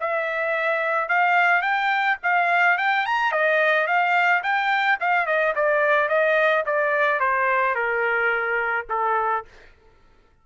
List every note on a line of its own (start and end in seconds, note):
0.00 1.08 E5
1.08 1.62 F5
1.62 2.17 G5
2.22 2.78 F5
2.78 3.06 G5
3.06 3.32 A#5
3.32 3.87 D#5
3.87 4.42 F5
4.43 4.98 G5
5.00 5.26 F5
5.26 5.54 D#5
5.55 6.08 D5
6.08 6.64 D#5
6.66 7.19 D5
7.19 7.75 C5
7.75 8.86 A#4
8.89 9.45 A4